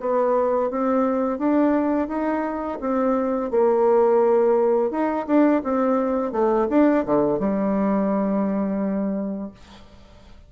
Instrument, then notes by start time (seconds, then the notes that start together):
bassoon
0.00 B3
0.71 C4
1.39 D4
2.08 D#4
2.81 C4
3.51 A#3
4.91 D#4
5.27 D4
5.63 C4
6.32 A3
6.70 D4
7.06 D3
7.40 G3